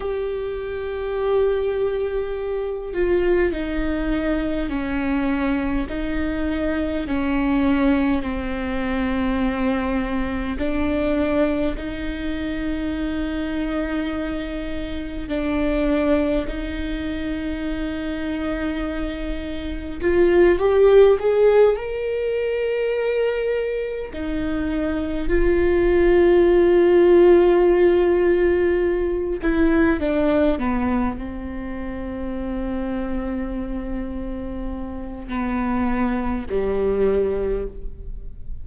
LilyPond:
\new Staff \with { instrumentName = "viola" } { \time 4/4 \tempo 4 = 51 g'2~ g'8 f'8 dis'4 | cis'4 dis'4 cis'4 c'4~ | c'4 d'4 dis'2~ | dis'4 d'4 dis'2~ |
dis'4 f'8 g'8 gis'8 ais'4.~ | ais'8 dis'4 f'2~ f'8~ | f'4 e'8 d'8 b8 c'4.~ | c'2 b4 g4 | }